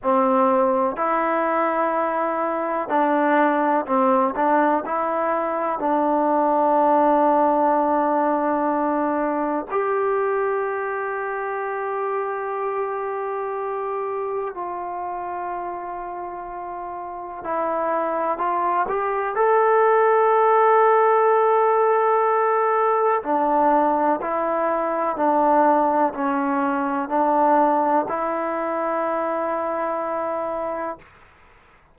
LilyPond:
\new Staff \with { instrumentName = "trombone" } { \time 4/4 \tempo 4 = 62 c'4 e'2 d'4 | c'8 d'8 e'4 d'2~ | d'2 g'2~ | g'2. f'4~ |
f'2 e'4 f'8 g'8 | a'1 | d'4 e'4 d'4 cis'4 | d'4 e'2. | }